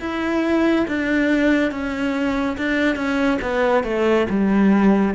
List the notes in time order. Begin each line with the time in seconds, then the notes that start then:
0.00 E4
0.87 D4
1.71 C#4
2.57 D4
2.95 C#4
3.42 B3
3.83 A3
4.29 G3